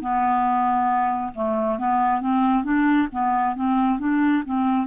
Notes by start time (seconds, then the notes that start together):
0.00 B3
1.34 A3
1.78 B3
2.21 C4
2.64 D4
3.11 B3
3.55 C4
3.99 D4
4.45 C4